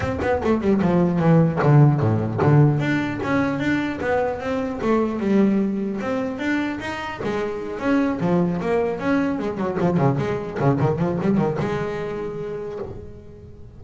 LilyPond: \new Staff \with { instrumentName = "double bass" } { \time 4/4 \tempo 4 = 150 c'8 b8 a8 g8 f4 e4 | d4 a,4 d4 d'4 | cis'4 d'4 b4 c'4 | a4 g2 c'4 |
d'4 dis'4 gis4. cis'8~ | cis'8 f4 ais4 cis'4 gis8 | fis8 f8 cis8 gis4 cis8 dis8 f8 | g8 dis8 gis2. | }